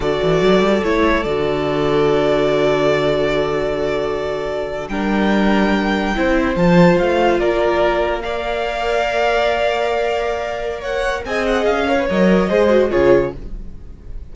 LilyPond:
<<
  \new Staff \with { instrumentName = "violin" } { \time 4/4 \tempo 4 = 144 d''2 cis''4 d''4~ | d''1~ | d''2.~ d''8. g''16~ | g''2.~ g''8. a''16~ |
a''8. f''4 d''2 f''16~ | f''1~ | f''2 fis''4 gis''8 fis''8 | f''4 dis''2 cis''4 | }
  \new Staff \with { instrumentName = "violin" } { \time 4/4 a'1~ | a'1~ | a'2.~ a'8. ais'16~ | ais'2~ ais'8. c''4~ c''16~ |
c''4.~ c''16 ais'2 d''16~ | d''1~ | d''2 cis''4 dis''4~ | dis''8 cis''4. c''4 gis'4 | }
  \new Staff \with { instrumentName = "viola" } { \time 4/4 fis'2 e'4 fis'4~ | fis'1~ | fis'2.~ fis'8. d'16~ | d'2~ d'8. e'4 f'16~ |
f'2.~ f'8. ais'16~ | ais'1~ | ais'2. gis'4~ | gis'8 ais'16 b'16 ais'4 gis'8 fis'8 f'4 | }
  \new Staff \with { instrumentName = "cello" } { \time 4/4 d8 e8 fis8 g8 a4 d4~ | d1~ | d2.~ d8. g16~ | g2~ g8. c'4 f16~ |
f8. a4 ais2~ ais16~ | ais1~ | ais2. c'4 | cis'4 fis4 gis4 cis4 | }
>>